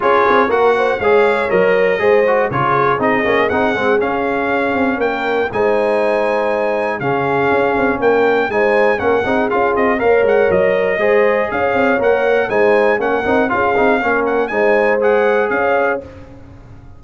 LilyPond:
<<
  \new Staff \with { instrumentName = "trumpet" } { \time 4/4 \tempo 4 = 120 cis''4 fis''4 f''4 dis''4~ | dis''4 cis''4 dis''4 fis''4 | f''2 g''4 gis''4~ | gis''2 f''2 |
g''4 gis''4 fis''4 f''8 dis''8 | f''8 fis''8 dis''2 f''4 | fis''4 gis''4 fis''4 f''4~ | f''8 fis''8 gis''4 fis''4 f''4 | }
  \new Staff \with { instrumentName = "horn" } { \time 4/4 gis'4 ais'8 c''8 cis''2 | c''4 gis'2.~ | gis'2 ais'4 c''4~ | c''2 gis'2 |
ais'4 c''4 ais'8 gis'4. | cis''2 c''4 cis''4~ | cis''4 c''4 ais'4 gis'4 | ais'4 c''2 cis''4 | }
  \new Staff \with { instrumentName = "trombone" } { \time 4/4 f'4 fis'4 gis'4 ais'4 | gis'8 fis'8 f'4 dis'8 cis'8 dis'8 c'8 | cis'2. dis'4~ | dis'2 cis'2~ |
cis'4 dis'4 cis'8 dis'8 f'4 | ais'2 gis'2 | ais'4 dis'4 cis'8 dis'8 f'8 dis'8 | cis'4 dis'4 gis'2 | }
  \new Staff \with { instrumentName = "tuba" } { \time 4/4 cis'8 c'8 ais4 gis4 fis4 | gis4 cis4 c'8 ais8 c'8 gis8 | cis'4. c'8 ais4 gis4~ | gis2 cis4 cis'8 c'8 |
ais4 gis4 ais8 c'8 cis'8 c'8 | ais8 gis8 fis4 gis4 cis'8 c'8 | ais4 gis4 ais8 c'8 cis'8 c'8 | ais4 gis2 cis'4 | }
>>